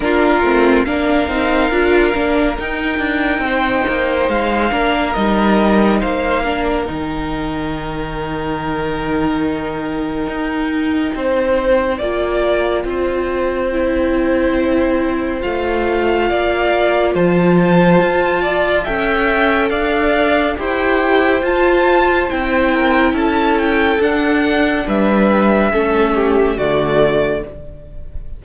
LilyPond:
<<
  \new Staff \with { instrumentName = "violin" } { \time 4/4 \tempo 4 = 70 ais'4 f''2 g''4~ | g''4 f''4 dis''4 f''4 | g''1~ | g''1~ |
g''2 f''2 | a''2 g''4 f''4 | g''4 a''4 g''4 a''8 g''8 | fis''4 e''2 d''4 | }
  \new Staff \with { instrumentName = "violin" } { \time 4/4 f'4 ais'2. | c''4. ais'4. c''8 ais'8~ | ais'1~ | ais'4 c''4 d''4 c''4~ |
c''2. d''4 | c''4. d''8 e''4 d''4 | c''2~ c''8 ais'8 a'4~ | a'4 b'4 a'8 g'8 fis'4 | }
  \new Staff \with { instrumentName = "viola" } { \time 4/4 d'8 c'8 d'8 dis'8 f'8 d'8 dis'4~ | dis'4. d'8 dis'4. d'8 | dis'1~ | dis'2 f'2 |
e'2 f'2~ | f'2 a'2 | g'4 f'4 e'2 | d'2 cis'4 a4 | }
  \new Staff \with { instrumentName = "cello" } { \time 4/4 ais8 a8 ais8 c'8 d'8 ais8 dis'8 d'8 | c'8 ais8 gis8 ais8 g4 ais4 | dis1 | dis'4 c'4 ais4 c'4~ |
c'2 a4 ais4 | f4 f'4 cis'4 d'4 | e'4 f'4 c'4 cis'4 | d'4 g4 a4 d4 | }
>>